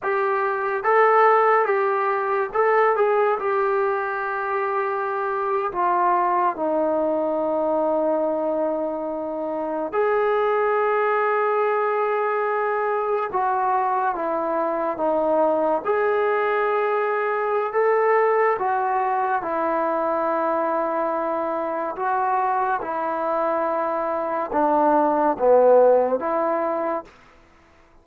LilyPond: \new Staff \with { instrumentName = "trombone" } { \time 4/4 \tempo 4 = 71 g'4 a'4 g'4 a'8 gis'8 | g'2~ g'8. f'4 dis'16~ | dis'2.~ dis'8. gis'16~ | gis'2.~ gis'8. fis'16~ |
fis'8. e'4 dis'4 gis'4~ gis'16~ | gis'4 a'4 fis'4 e'4~ | e'2 fis'4 e'4~ | e'4 d'4 b4 e'4 | }